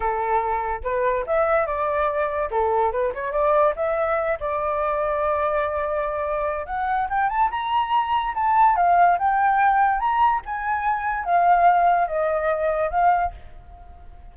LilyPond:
\new Staff \with { instrumentName = "flute" } { \time 4/4 \tempo 4 = 144 a'2 b'4 e''4 | d''2 a'4 b'8 cis''8 | d''4 e''4. d''4.~ | d''1 |
fis''4 g''8 a''8 ais''2 | a''4 f''4 g''2 | ais''4 gis''2 f''4~ | f''4 dis''2 f''4 | }